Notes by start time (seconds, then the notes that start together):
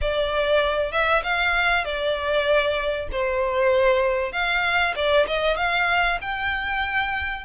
0.01 D5
0.92 E5
1.23 F5
1.84 D5
3.11 C5
4.32 F5
4.95 D5
5.27 D#5
5.56 F5
6.21 G5